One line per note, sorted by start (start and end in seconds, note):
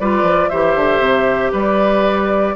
0.00 0.23 G3
0.00 0.52 F4
0.00 0.50 B4
0.00 0.49 D5
0.23 0.49 F3
0.49 0.76 E3
0.49 2.56 G4
0.49 1.52 C5
0.49 1.52 E5
0.76 0.99 D3
0.99 1.51 C3
1.52 2.56 G3
1.52 2.54 B4
1.52 2.56 D5